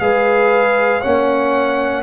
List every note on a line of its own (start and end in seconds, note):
0.00 1.02 G#3
0.00 1.02 G#4
0.00 1.01 B4
0.00 1.02 F5
1.01 2.04 A#3
1.01 2.04 C#4
1.01 2.03 C#5
1.01 2.04 F#5